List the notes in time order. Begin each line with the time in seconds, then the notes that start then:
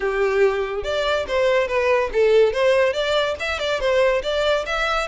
0.00 G4
0.83 D5
1.27 C5
1.67 B4
2.12 A4
2.52 C5
2.93 D5
3.39 E5
3.59 D5
3.80 C5
4.22 D5
4.66 E5